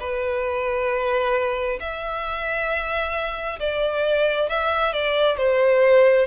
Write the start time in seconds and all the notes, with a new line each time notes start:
0.00 B4
1.80 E5
3.60 D5
4.49 E5
4.93 D5
5.37 C5